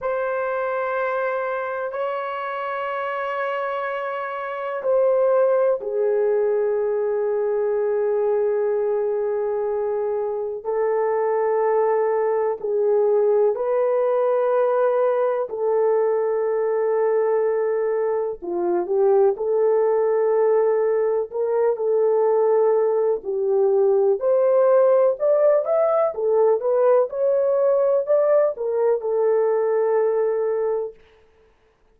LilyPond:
\new Staff \with { instrumentName = "horn" } { \time 4/4 \tempo 4 = 62 c''2 cis''2~ | cis''4 c''4 gis'2~ | gis'2. a'4~ | a'4 gis'4 b'2 |
a'2. f'8 g'8 | a'2 ais'8 a'4. | g'4 c''4 d''8 e''8 a'8 b'8 | cis''4 d''8 ais'8 a'2 | }